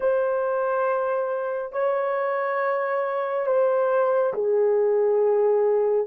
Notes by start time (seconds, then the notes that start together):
0.00 C5
1.72 C#5
3.46 C5
4.33 G#4